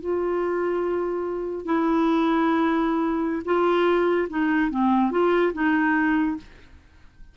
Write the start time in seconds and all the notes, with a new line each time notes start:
0.00 F4
1.65 E4
3.45 F4
4.29 D#4
4.70 C4
5.11 F4
5.53 D#4